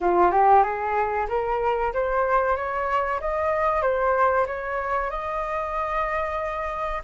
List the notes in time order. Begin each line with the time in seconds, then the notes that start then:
0.00 F4
0.31 G4
0.63 G#4
1.29 A#4
1.93 C5
2.56 C#5
3.20 D#5
3.82 C5
4.46 C#5
5.10 D#5